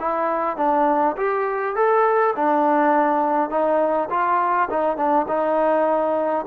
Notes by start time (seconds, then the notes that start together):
0.00 E4
0.57 D4
1.17 G4
1.76 A4
2.36 D4
3.50 D#4
4.10 F4
4.70 D#4
4.97 D4
5.28 D#4